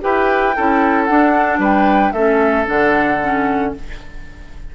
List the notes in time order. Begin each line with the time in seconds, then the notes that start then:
0.00 E4 G4 B4 G5
0.55 C#4 E4 A4
1.04 D4 F#5
1.58 G3 B4 G5
2.12 A3 C#4 A4 E5
2.65 D3 D4 F#5
3.22 C#4